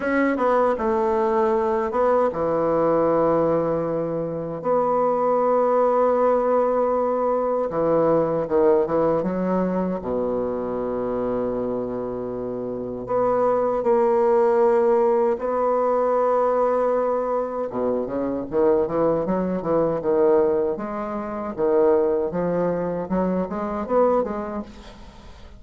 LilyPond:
\new Staff \with { instrumentName = "bassoon" } { \time 4/4 \tempo 4 = 78 cis'8 b8 a4. b8 e4~ | e2 b2~ | b2 e4 dis8 e8 | fis4 b,2.~ |
b,4 b4 ais2 | b2. b,8 cis8 | dis8 e8 fis8 e8 dis4 gis4 | dis4 f4 fis8 gis8 b8 gis8 | }